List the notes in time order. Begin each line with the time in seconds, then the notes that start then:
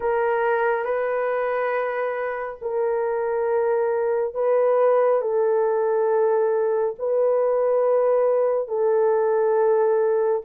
0.00 A#4
0.85 B4
2.61 A#4
4.34 B4
5.21 A4
6.98 B4
8.68 A4